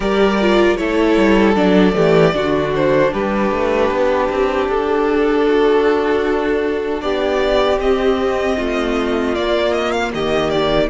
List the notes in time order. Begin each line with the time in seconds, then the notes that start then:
0.00 G3 G4 A#4 D5
0.41 F4
0.76 A3 E4 A4 C#5
1.16 G3
1.55 F#3 D4 D5
1.93 E3 A3 G4
2.33 D3 D4 F#4
2.74 C5
3.12 G3 G4 B4
3.51 A3
3.90 B3
4.29 C4
4.68 D4 A4
5.47 F#4
7.01 B3 G4 D5
7.78 C4 D#5
8.57 A3 F4
9.34 A#3 D5
9.73 D#5
9.91 F5
10.14 D#3 G4 D#5
10.50 D5